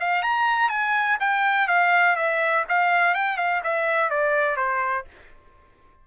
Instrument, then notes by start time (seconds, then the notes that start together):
trumpet
0.00 F5
0.22 A#5
0.69 G#5
1.20 G5
1.68 F5
2.16 E5
2.69 F5
3.15 G5
3.37 F5
3.64 E5
4.10 D5
4.56 C5